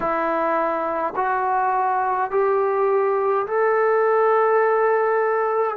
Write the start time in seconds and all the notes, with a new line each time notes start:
0.00 E4
1.15 F#4
2.31 G4
3.46 A4